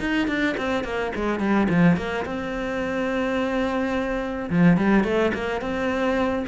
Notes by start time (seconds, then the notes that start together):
0.00 D#4
0.28 D4
0.58 C4
0.84 A#3
1.16 G#3
1.40 G3
1.69 F3
1.97 A#3
2.26 C4
4.50 F3
4.78 G3
5.04 A3
5.34 A#3
5.61 C4